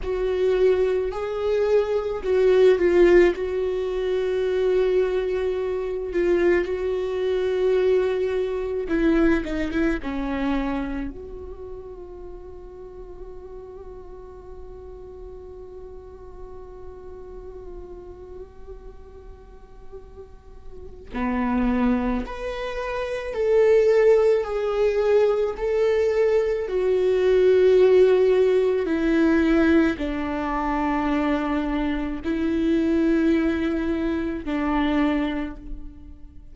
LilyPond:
\new Staff \with { instrumentName = "viola" } { \time 4/4 \tempo 4 = 54 fis'4 gis'4 fis'8 f'8 fis'4~ | fis'4. f'8 fis'2 | e'8 dis'16 e'16 cis'4 fis'2~ | fis'1~ |
fis'2. b4 | b'4 a'4 gis'4 a'4 | fis'2 e'4 d'4~ | d'4 e'2 d'4 | }